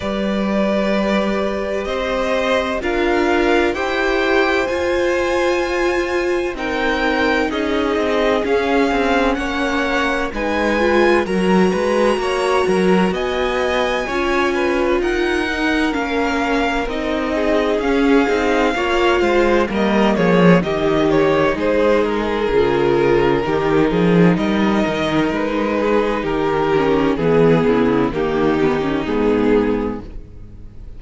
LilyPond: <<
  \new Staff \with { instrumentName = "violin" } { \time 4/4 \tempo 4 = 64 d''2 dis''4 f''4 | g''4 gis''2 g''4 | dis''4 f''4 fis''4 gis''4 | ais''2 gis''2 |
fis''4 f''4 dis''4 f''4~ | f''4 dis''8 cis''8 dis''8 cis''8 c''8 ais'8~ | ais'2 dis''4 b'4 | ais'4 gis'4 g'4 gis'4 | }
  \new Staff \with { instrumentName = "violin" } { \time 4/4 b'2 c''4 ais'4 | c''2. ais'4 | gis'2 cis''4 b'4 | ais'8 b'8 cis''8 ais'8 dis''4 cis''8 b'8 |
ais'2~ ais'8 gis'4. | cis''8 c''8 ais'8 gis'8 g'4 gis'4~ | gis'4 g'8 gis'8 ais'4. gis'8 | g'4 gis'8 e'8 dis'2 | }
  \new Staff \with { instrumentName = "viola" } { \time 4/4 g'2. f'4 | g'4 f'2 dis'4~ | dis'4 cis'2 dis'8 f'8 | fis'2. f'4~ |
f'8 dis'8 cis'4 dis'4 cis'8 dis'8 | f'4 ais4 dis'2 | f'4 dis'2.~ | dis'8 cis'8 b4 ais8 b16 cis'16 b4 | }
  \new Staff \with { instrumentName = "cello" } { \time 4/4 g2 c'4 d'4 | e'4 f'2 c'4 | cis'8 c'8 cis'8 c'8 ais4 gis4 | fis8 gis8 ais8 fis8 b4 cis'4 |
dis'4 ais4 c'4 cis'8 c'8 | ais8 gis8 g8 f8 dis4 gis4 | cis4 dis8 f8 g8 dis8 gis4 | dis4 e8 cis8 dis4 gis,4 | }
>>